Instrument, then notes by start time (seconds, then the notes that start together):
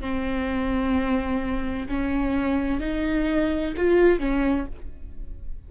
viola
0.00 C4
1.88 C#4
2.80 D#4
3.77 F4
4.19 C#4